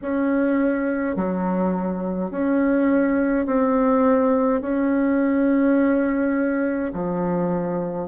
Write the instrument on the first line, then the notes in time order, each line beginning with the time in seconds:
bassoon
0.01 C#4
1.15 F#3
2.31 C#4
3.46 C4
4.61 C#4
6.93 F3